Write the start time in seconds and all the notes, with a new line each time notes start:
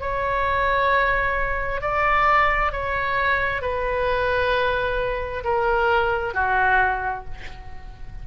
0.00 C#5
1.81 D5
2.72 C#5
3.62 B4
5.44 A#4
6.34 F#4